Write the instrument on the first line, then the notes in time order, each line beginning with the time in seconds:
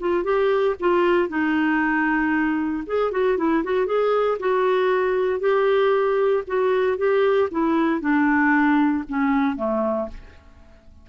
clarinet
0.00 F4
0.24 G4
0.80 F4
1.29 D#4
2.87 G#4
3.12 F#4
3.38 E4
3.64 F#4
3.86 G#4
4.40 F#4
5.40 G4
6.47 F#4
6.98 G4
7.51 E4
8.01 D4
9.09 C#4
9.57 A3